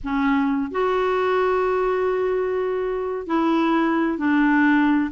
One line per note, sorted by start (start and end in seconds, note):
0.03 0.71 C#4
0.71 3.26 F#4
3.27 4.18 E4
4.18 5.11 D4